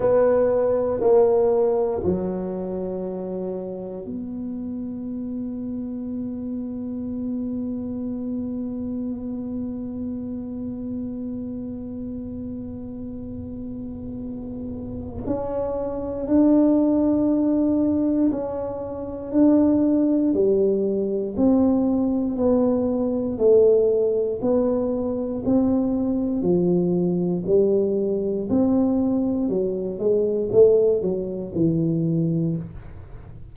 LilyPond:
\new Staff \with { instrumentName = "tuba" } { \time 4/4 \tempo 4 = 59 b4 ais4 fis2 | b1~ | b1~ | b2. cis'4 |
d'2 cis'4 d'4 | g4 c'4 b4 a4 | b4 c'4 f4 g4 | c'4 fis8 gis8 a8 fis8 e4 | }